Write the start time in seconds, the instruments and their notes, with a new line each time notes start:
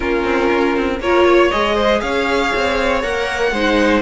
0.00 cello A#3, viola C#4, violin F4 A#4
0.24 cello C4
0.52 cello C#4
0.76 cello C4
1.00 cello A#3, viola F4, violin A#4 C#5
1.27 violin C#5
1.51 cello G#3, viola G#4, violin D#5
1.75 violin C5
2.00 cello C#4, violin C#5 F5
2.55 cello C4
3.01 cello A#3, viola A#4, violin F#5
3.51 cello G#3, viola D#4, violin C5